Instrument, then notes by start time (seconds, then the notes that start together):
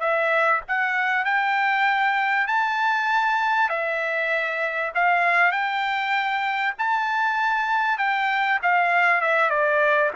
trumpet
0.00 E5
0.68 F#5
1.24 G5
2.47 A5
3.69 E5
4.95 F5
5.51 G5
6.78 A5
7.98 G5
8.62 F5
9.21 E5
9.50 D5